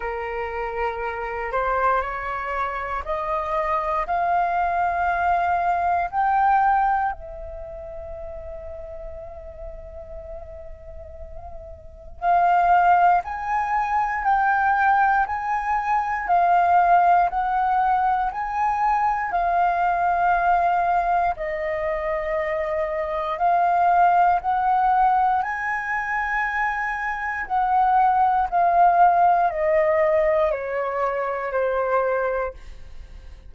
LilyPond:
\new Staff \with { instrumentName = "flute" } { \time 4/4 \tempo 4 = 59 ais'4. c''8 cis''4 dis''4 | f''2 g''4 e''4~ | e''1 | f''4 gis''4 g''4 gis''4 |
f''4 fis''4 gis''4 f''4~ | f''4 dis''2 f''4 | fis''4 gis''2 fis''4 | f''4 dis''4 cis''4 c''4 | }